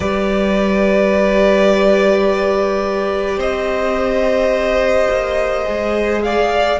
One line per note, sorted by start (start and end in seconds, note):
0.00 3.37 G3
0.00 5.64 G4
0.00 3.38 B4
0.00 3.39 D5
3.37 5.07 C4
3.37 6.21 C5
3.37 6.22 D#5
5.10 5.67 A#3
5.64 6.79 G#3
5.64 6.78 G#4
6.22 6.79 D5
6.22 6.79 F5